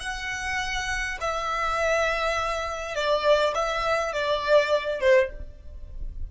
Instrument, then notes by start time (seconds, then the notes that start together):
violin
0.00 F#5
1.21 E5
2.95 D5
3.55 E5
4.13 D5
5.00 C5